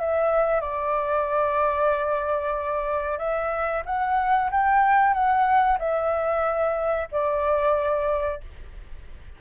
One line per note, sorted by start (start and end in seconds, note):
0.00 0.61 E5
0.61 3.18 D5
3.18 3.83 E5
3.86 4.50 F#5
4.51 5.13 G5
5.13 5.78 F#5
5.79 7.08 E5
7.12 8.41 D5